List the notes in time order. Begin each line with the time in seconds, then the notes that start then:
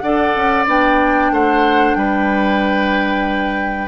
0.00 D4 A4 D5 F#5
0.35 C#4
0.66 B3 D4 G5
1.31 A3 C5 F#5
1.95 G3 B4 G5